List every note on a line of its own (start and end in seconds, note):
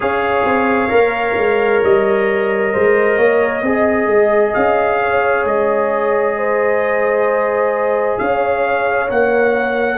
0.00 0.45 C#4
0.00 0.89 G#4
0.00 2.73 C#5
0.00 1.83 F5
0.45 0.90 C4
0.89 1.36 A#3
0.89 3.61 A#4
1.37 1.82 G#3
1.83 2.74 G3
1.83 4.53 D#5
2.73 3.17 G#3
2.73 3.17 C5
3.17 3.62 A#3
3.17 3.63 C#5
3.62 4.06 C4
3.62 9.08 G#4
3.62 5.01 D#5
4.06 4.52 G#3
4.53 5.44 C#4
4.53 5.44 F5
5.02 6.37 C#5
5.44 8.17 G#3
5.44 8.18 D#5
6.37 8.19 C5
8.18 9.09 C#4
8.18 9.98 C#5
8.18 9.09 F5
9.08 9.98 A#3
9.08 9.98 A#4
9.08 9.98 F#5